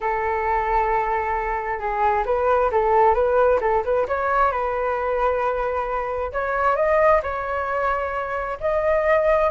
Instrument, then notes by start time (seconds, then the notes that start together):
flute
0.01 A4
1.79 G#4
2.25 B4
2.71 A4
3.14 B4
3.60 A4
3.84 B4
4.07 C#5
4.51 B4
6.32 C#5
6.76 D#5
7.22 C#5
8.60 D#5